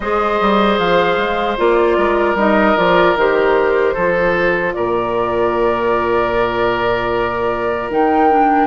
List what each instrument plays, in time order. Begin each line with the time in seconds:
0.00 bassoon G#3, clarinet G#4, oboe C5, flute D#5
0.40 bassoon G3
0.78 bassoon F3, flute F5
1.17 bassoon G#3
1.57 bassoon A#3, clarinet F4, flute D5
1.97 bassoon G#3, oboe A#4
2.34 bassoon G3, clarinet D#4, flute D#5
2.76 bassoon F3, clarinet F4, flute D5
3.15 bassoon D#3, clarinet G4, flute C5
3.93 bassoon F3, clarinet F4, oboe A4
4.73 bassoon A#2, oboe A#4, flute D5
7.90 bassoon D#3, clarinet D#4, flute G5
8.30 clarinet D4